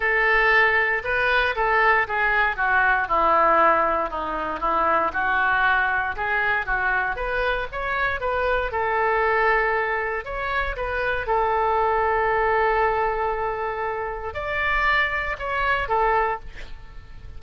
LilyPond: \new Staff \with { instrumentName = "oboe" } { \time 4/4 \tempo 4 = 117 a'2 b'4 a'4 | gis'4 fis'4 e'2 | dis'4 e'4 fis'2 | gis'4 fis'4 b'4 cis''4 |
b'4 a'2. | cis''4 b'4 a'2~ | a'1 | d''2 cis''4 a'4 | }